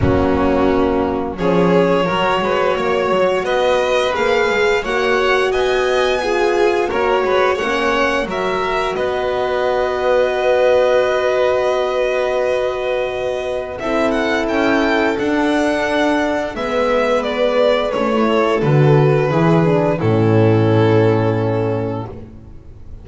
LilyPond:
<<
  \new Staff \with { instrumentName = "violin" } { \time 4/4 \tempo 4 = 87 fis'2 cis''2~ | cis''4 dis''4 f''4 fis''4 | gis''2 cis''4 fis''4 | e''4 dis''2.~ |
dis''1 | e''8 fis''8 g''4 fis''2 | e''4 d''4 cis''4 b'4~ | b'4 a'2. | }
  \new Staff \with { instrumentName = "violin" } { \time 4/4 cis'2 gis'4 ais'8 b'8 | cis''4 b'2 cis''4 | dis''4 gis'4 ais'8 b'8 cis''4 | ais'4 b'2.~ |
b'1 | a'1 | b'2~ b'8 a'4. | gis'4 e'2. | }
  \new Staff \with { instrumentName = "horn" } { \time 4/4 ais2 cis'4 fis'4~ | fis'2 gis'4 fis'4~ | fis'4 f'4 fis'4 cis'4 | fis'1~ |
fis'1 | e'2 d'2 | b2 cis'16 e'8. fis'4 | e'8 d'8 cis'2. | }
  \new Staff \with { instrumentName = "double bass" } { \time 4/4 fis2 f4 fis8 gis8 | ais8 fis8 b4 ais8 gis8 ais4 | b2 ais8 gis8 ais4 | fis4 b2.~ |
b1 | c'4 cis'4 d'2 | gis2 a4 d4 | e4 a,2. | }
>>